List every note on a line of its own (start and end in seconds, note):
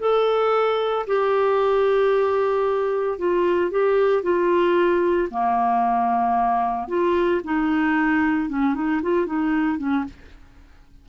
0.00 1.06 A4
1.07 3.19 G4
3.19 3.71 F4
3.71 4.23 G4
4.23 5.29 F4
5.31 6.88 A#3
6.88 7.41 F4
7.45 8.50 D#4
8.50 8.75 C#4
8.75 9.01 D#4
9.03 9.26 F4
9.26 9.78 D#4
9.78 10.05 C#4